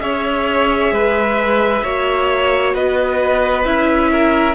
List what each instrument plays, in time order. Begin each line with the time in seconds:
0.00 cello C#4, viola G#4, violin C#5 E5
0.91 cello G#3, violin B4
1.83 cello A#3, viola F#4, violin C#5
2.74 cello B3, violin B4 D#5
3.64 cello C#4, viola E4, violin E5
4.11 violin A#4